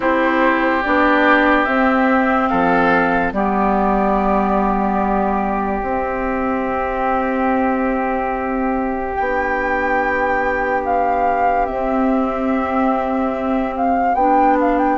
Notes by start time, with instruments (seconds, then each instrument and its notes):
0.00 bassoon C4, clarinet E4, oboe G4, flute C5
0.83 bassoon B3, clarinet D4, flute D5
1.65 bassoon C4, clarinet C4, flute E5
2.48 bassoon F3, oboe A4, flute F5
3.32 bassoon G3, clarinet B3, oboe G4, flute D5
5.81 bassoon C4, clarinet C4, flute E5
9.15 bassoon B3, clarinet D4, flute G5
10.85 flute F5
11.66 clarinet C4, bassoon C4, flute E5
13.76 flute F5
14.14 bassoon B3, clarinet D4, flute G5
14.60 flute F5
14.78 flute G5